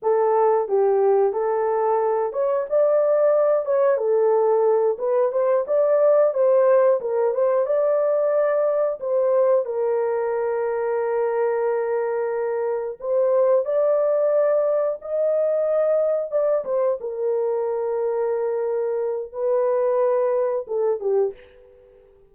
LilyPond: \new Staff \with { instrumentName = "horn" } { \time 4/4 \tempo 4 = 90 a'4 g'4 a'4. cis''8 | d''4. cis''8 a'4. b'8 | c''8 d''4 c''4 ais'8 c''8 d''8~ | d''4. c''4 ais'4.~ |
ais'2.~ ais'8 c''8~ | c''8 d''2 dis''4.~ | dis''8 d''8 c''8 ais'2~ ais'8~ | ais'4 b'2 a'8 g'8 | }